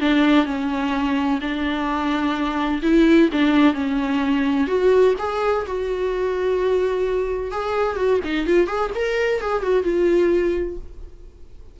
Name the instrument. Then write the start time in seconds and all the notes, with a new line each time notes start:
viola
0.00 D4
0.45 C#4
1.41 D4
2.82 E4
3.32 D4
3.74 C#4
4.67 F#4
5.19 G#4
5.66 F#4
7.51 G#4
7.96 F#4
8.24 D#4
8.47 F4
8.67 G#4
8.95 A#4
9.41 G#4
9.62 F#4
9.83 F4